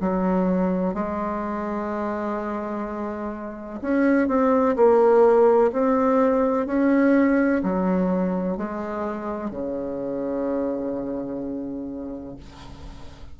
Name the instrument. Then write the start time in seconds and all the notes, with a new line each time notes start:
bassoon
0.00 F#3
0.94 G#3
3.81 C#4
4.28 C4
4.76 A#3
5.72 C4
6.66 C#4
7.63 F#3
8.57 G#3
9.50 C#3